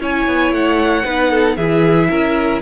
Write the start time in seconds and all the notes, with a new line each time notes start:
0.00 C#4 E4 C#5 G#5
0.27 B3
0.52 A3 F#5
1.05 B3 D#4 B4
1.31 A4
1.57 E3 E4 G#4 E5
2.10 C#4 A#4